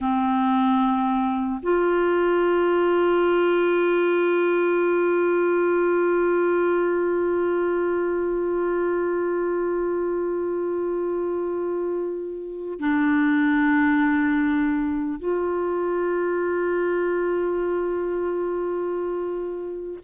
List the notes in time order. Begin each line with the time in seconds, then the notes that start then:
0.00 C4
1.62 F4
12.79 D4
15.19 F4